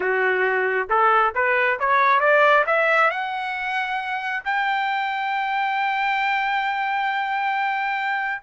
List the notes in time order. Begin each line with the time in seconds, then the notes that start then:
0.00 F#4
0.89 A4
1.34 B4
1.79 C#5
2.20 D5
2.66 E5
3.10 F#5
4.44 G5